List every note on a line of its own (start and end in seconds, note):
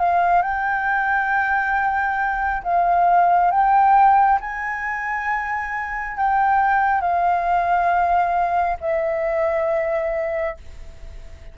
0.00 0.43 F5
0.43 2.63 G5
2.64 3.51 F5
3.51 4.40 G5
4.41 6.17 G#5
6.17 7.01 G5
7.01 8.78 F5
8.81 10.57 E5